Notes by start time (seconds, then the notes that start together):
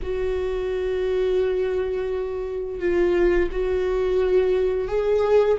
0.02 F#4
2.79 F4
3.51 F#4
4.88 G#4